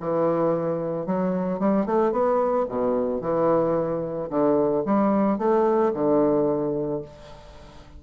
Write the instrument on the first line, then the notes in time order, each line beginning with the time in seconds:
bassoon
0.00 E3
1.06 F#3
1.59 G3
1.86 A3
2.12 B3
2.68 B2
3.21 E3
4.29 D3
4.86 G3
5.38 A3
5.94 D3